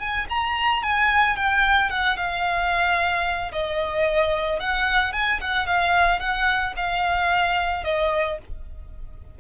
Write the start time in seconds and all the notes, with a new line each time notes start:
0.00 G#5
0.29 A#5
0.83 G#5
1.37 G5
1.90 F#5
2.17 F5
3.52 D#5
4.60 F#5
5.13 G#5
5.41 F#5
5.67 F5
6.20 F#5
6.76 F5
7.84 D#5